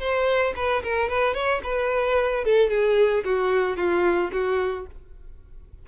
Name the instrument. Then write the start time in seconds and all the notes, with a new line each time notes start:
violin
0.00 C5
0.56 B4
0.83 A#4
1.09 B4
1.34 C#5
1.64 B4
2.45 A4
2.70 G#4
3.25 F#4
3.77 F4
4.32 F#4